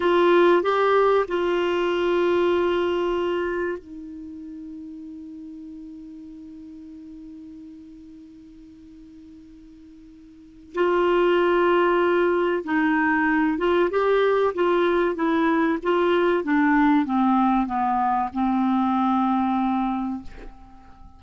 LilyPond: \new Staff \with { instrumentName = "clarinet" } { \time 4/4 \tempo 4 = 95 f'4 g'4 f'2~ | f'2 dis'2~ | dis'1~ | dis'1~ |
dis'4 f'2. | dis'4. f'8 g'4 f'4 | e'4 f'4 d'4 c'4 | b4 c'2. | }